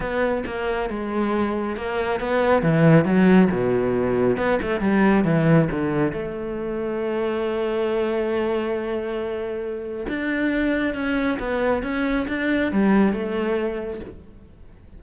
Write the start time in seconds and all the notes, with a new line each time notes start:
0.00 B3
0.45 A#3
0.89 G#3
1.76 A#3
2.20 B3
2.62 E3
3.04 F#3
3.51 B2
4.37 B3
4.61 A3
4.80 G3
5.24 E3
5.71 D3
6.12 A3
10.08 D4
10.94 C#4
11.39 B3
11.82 C#4
12.28 D4
12.71 G3
13.12 A3